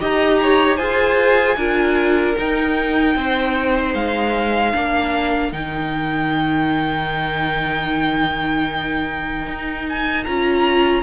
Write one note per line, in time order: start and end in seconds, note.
0.00 0.79 D#4
0.00 0.78 G4
0.00 0.40 D#5
0.00 0.76 A#5
0.42 0.77 C#5
0.76 1.56 F4
0.76 1.57 G#4
0.76 1.56 C5
0.76 2.34 G#5
1.56 2.35 D4
1.56 2.36 F4
1.56 3.15 A#4
2.37 4.73 D#4
2.37 3.15 D#4
2.37 3.94 G5
3.15 3.94 C4
3.15 4.75 C5
3.94 4.73 G#3
3.94 5.52 F5
4.73 5.52 A#3
4.73 5.52 D4
4.73 11.03 A#4
5.52 9.47 D#3
5.52 10.25 D#4
5.52 9.86 G5
9.47 10.26 D#4
9.89 10.24 G#5
10.24 11.03 C#4
10.24 11.03 F4
10.24 11.03 A#5